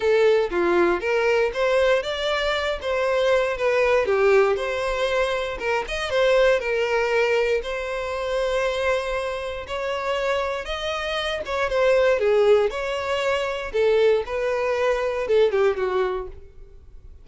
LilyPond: \new Staff \with { instrumentName = "violin" } { \time 4/4 \tempo 4 = 118 a'4 f'4 ais'4 c''4 | d''4. c''4. b'4 | g'4 c''2 ais'8 dis''8 | c''4 ais'2 c''4~ |
c''2. cis''4~ | cis''4 dis''4. cis''8 c''4 | gis'4 cis''2 a'4 | b'2 a'8 g'8 fis'4 | }